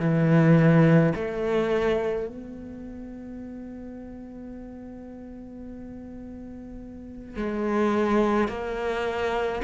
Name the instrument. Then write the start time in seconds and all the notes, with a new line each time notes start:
cello
0.00 E3
1.15 A3
2.27 B3
7.36 G#3
8.49 A#3